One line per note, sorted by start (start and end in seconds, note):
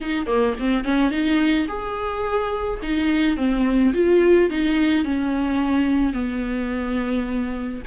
0.00 0.26 D#4
0.26 0.54 A#3
0.59 0.84 C4
0.84 1.10 C#4
1.10 1.66 D#4
1.68 2.80 G#4
2.82 3.36 D#4
3.36 3.93 C4
3.93 4.49 F4
4.49 5.04 D#4
5.04 6.13 C#4
6.13 7.81 B3